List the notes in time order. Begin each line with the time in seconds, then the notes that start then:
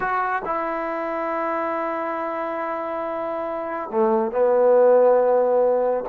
0.00 F#4
0.45 E4
3.90 A3
4.31 B3